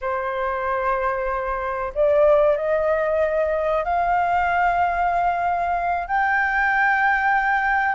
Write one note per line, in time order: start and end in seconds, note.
0.01 1.92 C5
1.94 2.56 D5
2.56 3.84 D#5
3.84 6.07 F5
6.07 7.95 G5